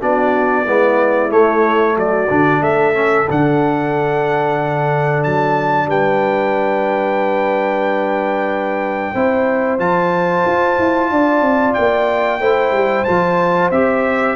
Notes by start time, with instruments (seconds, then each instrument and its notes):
0.00 tuba B3, trombone D4, horn F#4, trumpet D5
0.64 tuba G#3, trombone B3, horn E4
1.30 trombone A3, tuba A3, trumpet C#5
1.96 tuba F#3, horn F#4, trumpet D5
2.30 tuba D3, trombone D4
2.60 tuba A3, horn A4, trumpet E5
2.94 trombone C#4
3.30 tuba D3, trombone D4, trumpet F#5
5.23 tuba F#3, trumpet A5
5.87 tuba G3, horn B4, trumpet G5
9.14 tuba C4, trombone E4, horn C5
9.79 tuba F3, trombone F4, trumpet A5
10.46 tuba F4
10.79 tuba E4
11.11 tuba D4, horn D5
11.41 tuba C4
11.74 tuba A#3, trumpet G5
12.40 tuba A3, trombone E4, horn C5
12.72 tuba G3
13.04 tuba F3, trombone F4, trumpet A5
13.71 tuba C4, trombone G4, trumpet E5